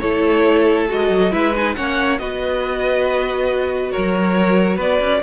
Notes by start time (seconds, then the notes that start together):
0.00 A3 E4 A4 C#5
0.89 G#3 F#4 D#5
1.10 F#3
1.32 G#3 E4 B4 E5
1.55 D#4 G#5
1.75 A#3 C#4 C#5 F#5
2.19 B3 F#4 B4 D#5
3.92 F#3 A#4 C#5
4.76 B3 B4 D5
5.00 C#4